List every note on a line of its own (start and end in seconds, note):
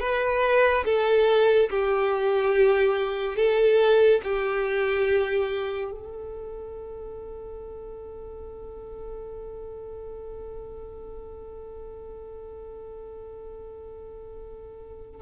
0.00 0.85 B4
0.85 1.69 A4
1.70 3.36 G4
3.36 4.21 A4
4.24 5.92 G4
5.92 15.21 A4